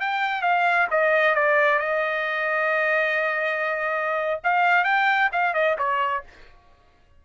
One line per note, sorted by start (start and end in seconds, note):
0.00 0.42 G5
0.42 0.87 F5
0.90 1.35 D#5
1.35 1.79 D5
1.79 4.40 D#5
4.44 4.84 F5
4.84 5.30 G5
5.32 5.54 F5
5.54 5.76 D#5
5.78 6.24 C#5